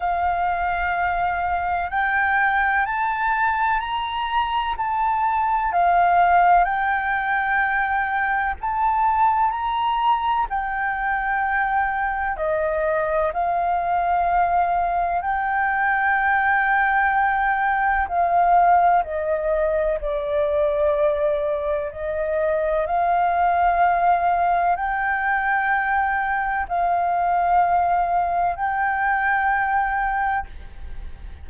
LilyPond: \new Staff \with { instrumentName = "flute" } { \time 4/4 \tempo 4 = 63 f''2 g''4 a''4 | ais''4 a''4 f''4 g''4~ | g''4 a''4 ais''4 g''4~ | g''4 dis''4 f''2 |
g''2. f''4 | dis''4 d''2 dis''4 | f''2 g''2 | f''2 g''2 | }